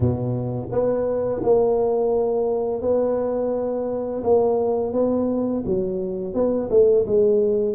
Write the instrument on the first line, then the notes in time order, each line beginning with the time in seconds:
tuba
0.00 B2
0.71 B3
1.43 A#3
2.81 B3
4.23 A#3
4.93 B3
5.65 F#3
6.34 B3
6.70 A3
7.06 G#3